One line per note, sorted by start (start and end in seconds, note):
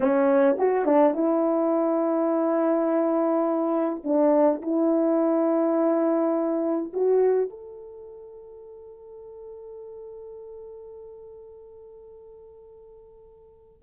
0.00 0.56 C#4
0.58 0.85 F#4
0.85 1.14 D4
1.14 4.02 E4
4.04 4.61 D4
4.62 6.92 E4
6.93 7.49 F#4
7.49 13.82 A4